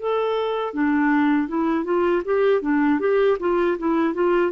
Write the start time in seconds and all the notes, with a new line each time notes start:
0.00 A4
0.74 D4
1.48 E4
1.85 F4
2.25 G4
2.62 D4
3.00 G4
3.40 F4
3.79 E4
4.14 F4